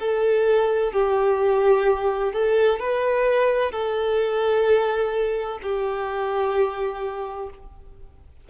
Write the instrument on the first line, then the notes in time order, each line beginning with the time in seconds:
violin
0.00 A4
0.93 G4
2.33 A4
2.80 B4
3.72 A4
5.62 G4